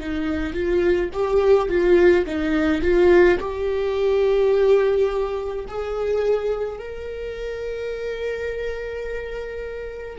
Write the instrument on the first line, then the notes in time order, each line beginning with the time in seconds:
viola
0.00 D#4
0.53 F4
1.13 G4
1.69 F4
2.26 D#4
2.82 F4
3.39 G4
5.68 G#4
6.79 A#4